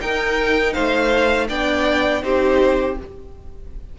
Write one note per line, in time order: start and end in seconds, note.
0.00 1.48 D#4
0.00 0.75 D#4
0.00 0.73 A#4
0.00 0.73 G5
0.73 1.50 A3
0.73 1.47 C5
0.73 1.47 F5
1.48 2.23 B3
1.48 2.22 D4
1.48 2.23 D5
1.48 2.23 G5
2.22 2.97 C4
2.22 2.96 D#4
2.22 2.99 G4
2.22 2.97 C5